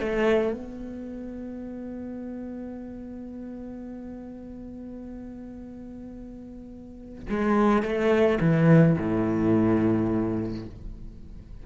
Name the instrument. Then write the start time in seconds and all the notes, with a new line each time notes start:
cello
0.00 A3
0.53 B3
7.29 G#3
7.83 A3
8.41 E3
8.98 A2